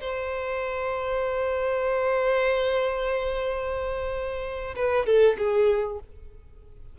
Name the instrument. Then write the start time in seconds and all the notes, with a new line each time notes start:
violin
0.00 C5
4.75 B4
5.06 A4
5.38 G#4